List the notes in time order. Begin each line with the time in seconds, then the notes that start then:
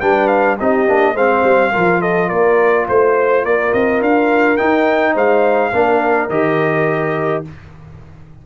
0.00 G3 D4 B4 G5
0.27 F5
0.58 C4 D#4 G4 D#5
0.87 A#3 D4
1.14 G#3 C4 C5 F5
1.43 G3
1.72 F3 F4 A#4
2.00 A4 D#5
2.28 A#3 A#4 D5
2.88 A3 C5
3.44 A#3 A#4 D5
3.73 C4 D#5
4.01 D4 F5
4.57 D#4 G5
5.14 G#3 C5 F5
5.72 A#3 D4 A#4
6.29 D#3 G4 D#5